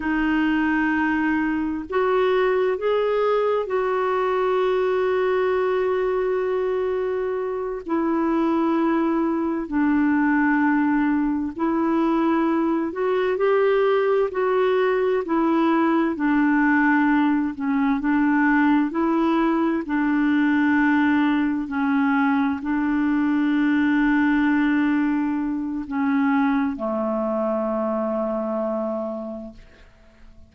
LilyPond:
\new Staff \with { instrumentName = "clarinet" } { \time 4/4 \tempo 4 = 65 dis'2 fis'4 gis'4 | fis'1~ | fis'8 e'2 d'4.~ | d'8 e'4. fis'8 g'4 fis'8~ |
fis'8 e'4 d'4. cis'8 d'8~ | d'8 e'4 d'2 cis'8~ | cis'8 d'2.~ d'8 | cis'4 a2. | }